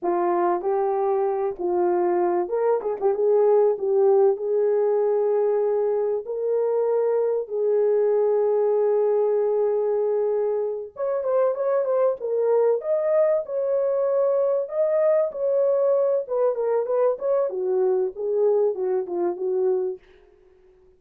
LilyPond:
\new Staff \with { instrumentName = "horn" } { \time 4/4 \tempo 4 = 96 f'4 g'4. f'4. | ais'8 gis'16 g'16 gis'4 g'4 gis'4~ | gis'2 ais'2 | gis'1~ |
gis'4. cis''8 c''8 cis''8 c''8 ais'8~ | ais'8 dis''4 cis''2 dis''8~ | dis''8 cis''4. b'8 ais'8 b'8 cis''8 | fis'4 gis'4 fis'8 f'8 fis'4 | }